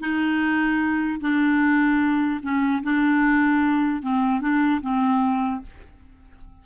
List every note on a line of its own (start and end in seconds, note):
0.00 1.20 D#4
1.20 2.40 D4
2.43 2.83 C#4
2.83 4.02 D4
4.02 4.41 C4
4.41 4.81 D4
4.81 5.61 C4